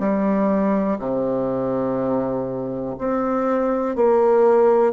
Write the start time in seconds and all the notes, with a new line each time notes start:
0.00 G3
0.99 C3
2.99 C4
3.96 A#3